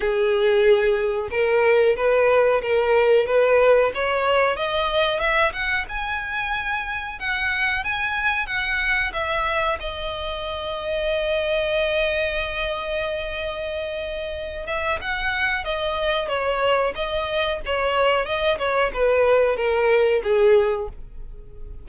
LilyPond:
\new Staff \with { instrumentName = "violin" } { \time 4/4 \tempo 4 = 92 gis'2 ais'4 b'4 | ais'4 b'4 cis''4 dis''4 | e''8 fis''8 gis''2 fis''4 | gis''4 fis''4 e''4 dis''4~ |
dis''1~ | dis''2~ dis''8 e''8 fis''4 | dis''4 cis''4 dis''4 cis''4 | dis''8 cis''8 b'4 ais'4 gis'4 | }